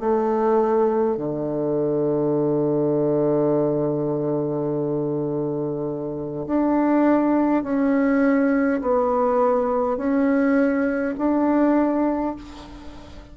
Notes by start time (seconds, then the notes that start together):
0.00 A3
1.17 D3
6.47 D4
7.64 C#4
8.81 B3
9.97 C#4
11.18 D4